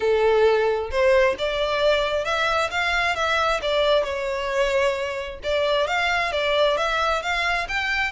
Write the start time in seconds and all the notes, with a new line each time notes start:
0.00 A4
0.90 C5
1.38 D5
2.25 E5
2.70 F5
3.15 E5
3.62 D5
4.04 C#5
5.43 D5
5.87 F5
6.32 D5
6.77 E5
7.22 F5
7.68 G5